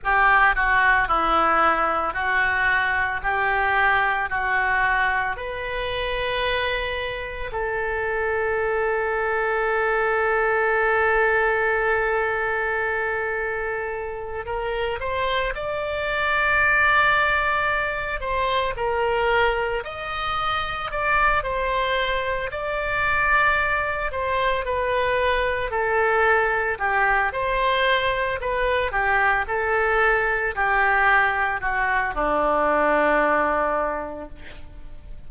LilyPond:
\new Staff \with { instrumentName = "oboe" } { \time 4/4 \tempo 4 = 56 g'8 fis'8 e'4 fis'4 g'4 | fis'4 b'2 a'4~ | a'1~ | a'4. ais'8 c''8 d''4.~ |
d''4 c''8 ais'4 dis''4 d''8 | c''4 d''4. c''8 b'4 | a'4 g'8 c''4 b'8 g'8 a'8~ | a'8 g'4 fis'8 d'2 | }